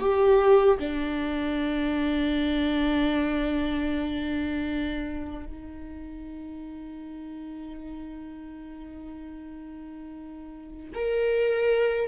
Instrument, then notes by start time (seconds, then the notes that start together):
viola
0.00 G4
0.80 D4
5.46 D#4
10.95 A#4